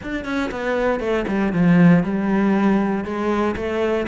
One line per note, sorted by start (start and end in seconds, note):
0.02 0.24 D4
0.24 0.50 C#4
0.51 1.00 B3
1.00 1.25 A3
1.27 1.53 G3
1.53 2.03 F3
2.03 3.04 G3
3.04 3.55 G#3
3.56 4.07 A3